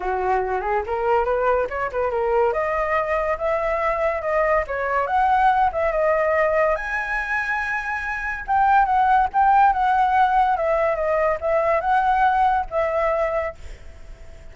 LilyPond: \new Staff \with { instrumentName = "flute" } { \time 4/4 \tempo 4 = 142 fis'4. gis'8 ais'4 b'4 | cis''8 b'8 ais'4 dis''2 | e''2 dis''4 cis''4 | fis''4. e''8 dis''2 |
gis''1 | g''4 fis''4 g''4 fis''4~ | fis''4 e''4 dis''4 e''4 | fis''2 e''2 | }